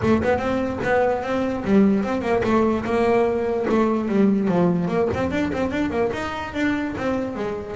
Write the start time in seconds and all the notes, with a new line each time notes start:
0.02 A3
0.22 B3
0.38 C4
0.83 B3
1.22 C4
1.64 G3
2.03 C4
2.21 A#3
2.43 A3
2.85 A#3
3.69 A3
4.08 G3
4.48 F3
4.88 A#3
5.14 C4
5.31 D4
5.53 C4
5.71 D4
5.90 A#3
6.13 D#4
6.53 D4
6.97 C4
7.35 G#3